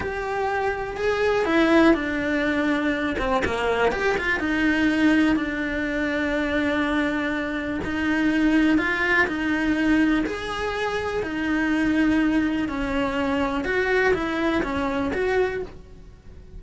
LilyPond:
\new Staff \with { instrumentName = "cello" } { \time 4/4 \tempo 4 = 123 g'2 gis'4 e'4 | d'2~ d'8 c'8 ais4 | g'8 f'8 dis'2 d'4~ | d'1 |
dis'2 f'4 dis'4~ | dis'4 gis'2 dis'4~ | dis'2 cis'2 | fis'4 e'4 cis'4 fis'4 | }